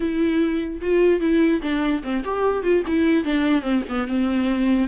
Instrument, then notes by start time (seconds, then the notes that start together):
viola
0.00 E4
0.81 F4
1.20 E4
1.61 D4
2.03 C4
2.24 G4
2.63 F4
2.86 E4
3.24 D4
3.62 C4
3.88 B3
4.07 C4